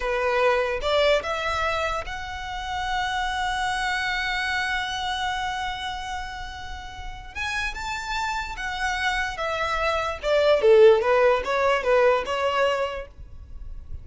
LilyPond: \new Staff \with { instrumentName = "violin" } { \time 4/4 \tempo 4 = 147 b'2 d''4 e''4~ | e''4 fis''2.~ | fis''1~ | fis''1~ |
fis''2 gis''4 a''4~ | a''4 fis''2 e''4~ | e''4 d''4 a'4 b'4 | cis''4 b'4 cis''2 | }